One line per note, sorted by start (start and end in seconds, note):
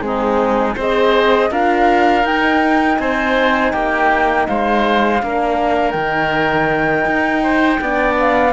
0.00 0.75 G#3
0.00 0.74 C4
0.00 0.75 D#4
0.00 0.75 G#4
0.75 1.50 C4
0.75 1.50 G#4
0.75 1.49 C5
0.75 1.52 D#5
1.50 2.23 D4
1.50 2.23 F4
1.50 2.99 A#4
1.50 2.26 F5
2.23 2.97 D#4
2.23 5.20 D#4
2.23 2.98 G5
2.98 3.73 C4
2.98 3.72 C5
2.98 3.72 G#5
3.72 4.47 A#3
3.72 4.46 G4
3.72 4.46 G5
4.47 5.22 G#3
4.47 5.22 C5
4.47 5.91 F5
5.21 5.94 A#3
5.21 5.95 D4
5.21 7.43 A#4
5.91 7.05 D#3
5.91 7.80 D#4
5.91 8.13 G5
7.05 7.79 D#4
7.43 7.80 C5
7.80 8.52 B3
7.80 8.52 D4
7.80 8.52 D5
8.19 8.52 F5